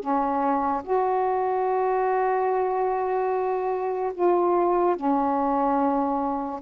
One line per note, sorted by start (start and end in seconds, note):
0.00 0.82 C#4
0.83 4.12 F#4
4.14 4.96 F4
4.96 6.60 C#4